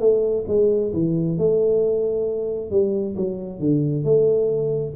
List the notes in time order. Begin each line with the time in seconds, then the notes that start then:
0.00 A3
0.48 G#3
0.93 E3
1.38 A3
2.71 G3
3.16 F#3
3.59 D3
4.04 A3